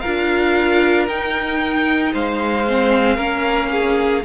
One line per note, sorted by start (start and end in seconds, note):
0.00 1.08 D4
0.00 1.08 F4
0.00 2.11 A#4
0.00 1.05 F5
1.08 2.13 D#4
1.08 2.66 D#4
1.08 2.13 G5
2.12 3.18 G#3
2.12 3.15 C5
2.12 4.24 F5
2.68 3.17 C4
3.15 4.23 A#3
3.15 4.22 C#4
3.15 3.68 A#4
3.71 4.23 G#4